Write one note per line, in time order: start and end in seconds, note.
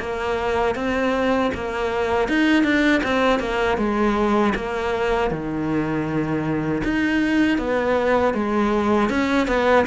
0.00 0.75 A#3
0.75 1.51 C4
1.54 2.29 A#3
2.29 2.64 D#4
2.64 3.02 D4
3.03 3.40 C4
3.40 3.78 A#3
3.78 4.54 G#3
4.55 5.31 A#3
5.31 6.83 D#3
6.84 7.58 D#4
7.58 8.34 B3
8.34 9.10 G#3
9.10 9.48 C#4
9.48 9.86 B3